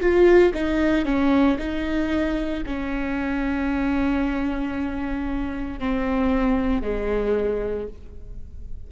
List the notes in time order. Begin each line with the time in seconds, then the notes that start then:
0.00 F4
0.53 D#4
1.05 C#4
1.58 D#4
2.66 C#4
5.79 C4
6.82 G#3